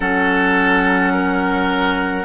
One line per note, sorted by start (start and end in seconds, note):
0.00 2.24 F#3
0.00 2.24 C#4
0.00 1.13 A4
0.00 2.24 F#5
1.13 2.24 A#4